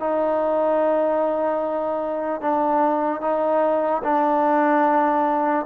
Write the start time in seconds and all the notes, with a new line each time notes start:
0.00 D#4
2.41 D4
3.21 D#4
4.04 D4